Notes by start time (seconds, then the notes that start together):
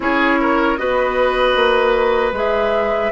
0.00 C#4 E4 G#4 C#5
0.40 A#4
0.77 B3 F#4 B4 D#5
1.55 A#3
2.31 G#3 G#4 E5